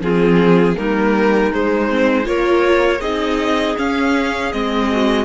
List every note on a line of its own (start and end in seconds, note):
0.00 0.75 F3
0.00 0.76 C4
0.00 0.77 F4
0.00 0.77 G#4
0.76 1.53 G3
0.76 1.51 A#3
0.76 2.26 D#4
0.76 1.52 A#4
1.52 1.90 G#3
1.52 2.27 G#3
1.52 2.26 C5
1.90 2.23 C4
2.23 3.01 A#3
2.23 2.98 F4
2.23 3.00 A#4
2.23 3.01 C#5
3.00 3.76 C4
3.00 3.77 D#4
3.00 4.87 G#4
3.00 3.76 D#5
3.77 4.52 C#4
3.77 4.53 C#4
3.77 4.52 F5
4.52 5.24 G#3
4.52 5.24 C4
4.52 5.24 D#5
4.91 5.24 F#4